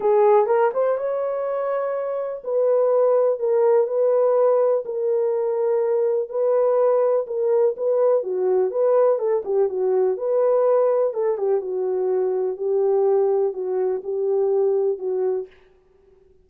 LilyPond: \new Staff \with { instrumentName = "horn" } { \time 4/4 \tempo 4 = 124 gis'4 ais'8 c''8 cis''2~ | cis''4 b'2 ais'4 | b'2 ais'2~ | ais'4 b'2 ais'4 |
b'4 fis'4 b'4 a'8 g'8 | fis'4 b'2 a'8 g'8 | fis'2 g'2 | fis'4 g'2 fis'4 | }